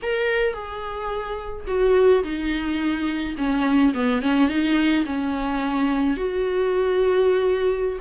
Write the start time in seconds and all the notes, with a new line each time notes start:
0.02 A#4
0.53 G#4
1.67 F#4
2.23 D#4
3.37 C#4
3.94 B3
4.22 C#4
4.48 D#4
5.05 C#4
6.16 F#4